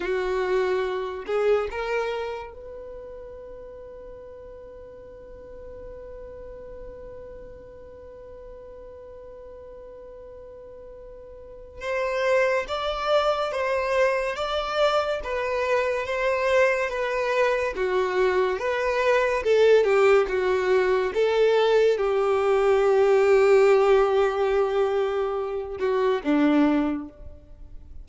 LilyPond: \new Staff \with { instrumentName = "violin" } { \time 4/4 \tempo 4 = 71 fis'4. gis'8 ais'4 b'4~ | b'1~ | b'1~ | b'2 c''4 d''4 |
c''4 d''4 b'4 c''4 | b'4 fis'4 b'4 a'8 g'8 | fis'4 a'4 g'2~ | g'2~ g'8 fis'8 d'4 | }